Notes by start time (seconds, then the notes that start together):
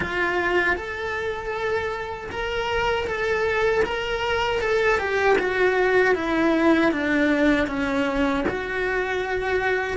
0.00 F4
0.76 A4
2.31 A#4
3.07 A4
3.84 A#4
4.61 A4
4.98 G4
5.38 F#4
6.14 E4
6.91 D4
7.67 C#4
8.48 F#4